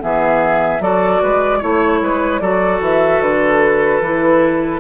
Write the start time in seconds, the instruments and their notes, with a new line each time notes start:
0.00 bassoon E3, clarinet B3, oboe G#4, flute E5
0.79 bassoon F#3, clarinet F#4, oboe A4, flute D5
1.23 bassoon G#3, oboe B4
1.58 bassoon A3, clarinet E4, oboe C#5, flute C#5
2.02 bassoon G#3, oboe B4
2.40 bassoon F#3, clarinet F#4, oboe A4, flute D5
2.80 bassoon E3, flute E5
3.21 bassoon D3, flute B4
4.01 bassoon E3, clarinet E4